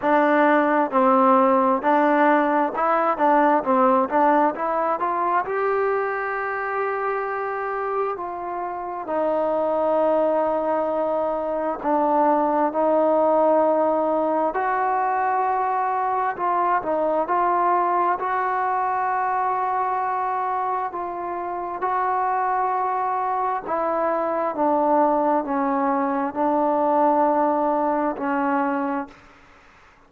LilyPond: \new Staff \with { instrumentName = "trombone" } { \time 4/4 \tempo 4 = 66 d'4 c'4 d'4 e'8 d'8 | c'8 d'8 e'8 f'8 g'2~ | g'4 f'4 dis'2~ | dis'4 d'4 dis'2 |
fis'2 f'8 dis'8 f'4 | fis'2. f'4 | fis'2 e'4 d'4 | cis'4 d'2 cis'4 | }